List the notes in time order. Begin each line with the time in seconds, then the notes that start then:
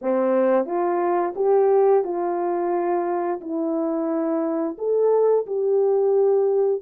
0.01 C4
0.65 F4
1.35 G4
2.04 F4
3.40 E4
4.78 A4
5.46 G4